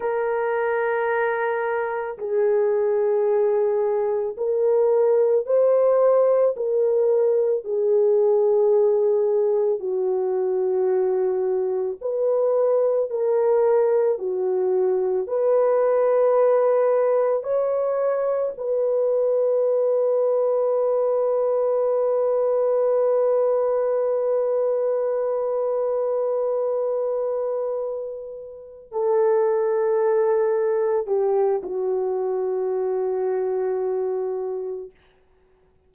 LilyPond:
\new Staff \with { instrumentName = "horn" } { \time 4/4 \tempo 4 = 55 ais'2 gis'2 | ais'4 c''4 ais'4 gis'4~ | gis'4 fis'2 b'4 | ais'4 fis'4 b'2 |
cis''4 b'2.~ | b'1~ | b'2~ b'8 a'4.~ | a'8 g'8 fis'2. | }